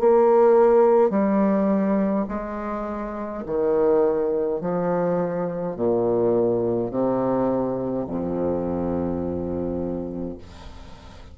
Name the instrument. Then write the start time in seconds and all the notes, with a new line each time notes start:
bassoon
0.00 A#3
1.10 G3
2.29 G#3
3.46 D#3
4.61 F3
5.76 A#2
6.91 C3
8.08 F2